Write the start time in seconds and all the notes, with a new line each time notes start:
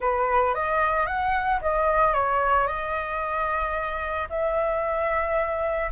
0.00 B4
0.54 D#5
1.06 F#5
1.61 D#5
2.13 C#5
2.67 D#5
4.29 E5